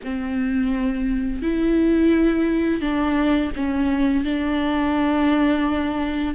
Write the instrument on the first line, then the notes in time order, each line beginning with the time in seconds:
viola
0.03 C4
1.42 E4
2.81 D4
3.56 C#4
4.24 D4